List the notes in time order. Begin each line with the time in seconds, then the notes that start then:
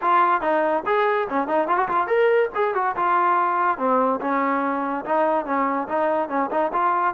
0.01 F4
0.41 D#4
0.85 G#4
1.29 C#4
1.47 D#4
1.67 F4
1.77 F#4
1.88 F4
2.07 A#4
2.55 G#4
2.74 F#4
2.96 F4
3.78 C4
4.21 C#4
5.05 D#4
5.45 C#4
5.88 D#4
6.28 C#4
6.50 D#4
6.72 F4